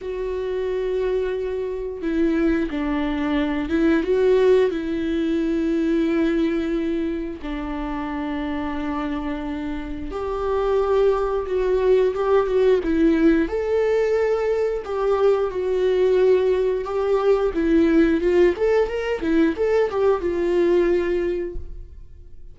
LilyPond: \new Staff \with { instrumentName = "viola" } { \time 4/4 \tempo 4 = 89 fis'2. e'4 | d'4. e'8 fis'4 e'4~ | e'2. d'4~ | d'2. g'4~ |
g'4 fis'4 g'8 fis'8 e'4 | a'2 g'4 fis'4~ | fis'4 g'4 e'4 f'8 a'8 | ais'8 e'8 a'8 g'8 f'2 | }